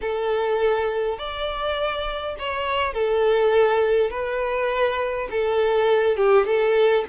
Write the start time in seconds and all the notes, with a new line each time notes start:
0.01 A4
1.18 D5
2.38 C#5
2.93 A4
4.10 B4
5.30 A4
6.16 G4
6.45 A4